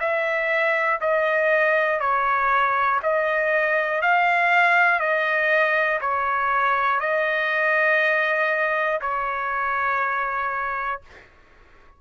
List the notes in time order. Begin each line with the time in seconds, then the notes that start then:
0.00 E5
1.00 D#5
2.00 C#5
3.02 D#5
4.01 F5
5.00 D#5
6.00 C#5
7.00 D#5
9.01 C#5